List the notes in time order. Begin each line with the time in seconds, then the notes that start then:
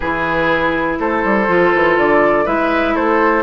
0.00 E3 E4 G#4 B4
0.99 A3 A4 C5
1.24 G3
1.47 F3 F4
1.74 E3
1.98 D3 D5
2.45 G#3 E4 B4 E5
2.94 A3 A4 C5